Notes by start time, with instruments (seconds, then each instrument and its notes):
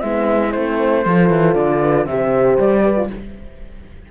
0.00 cello G#3, horn B3 E4, flute E5
0.52 cello A3, horn C4, flute C5
1.04 cello F3, horn F4 A4
1.30 cello E3
1.54 cello D3, flute D5
1.81 horn B4
2.06 cello C3, horn G4 C5, flute E5
2.58 cello G3, flute D5
2.83 horn B4
2.96 horn F4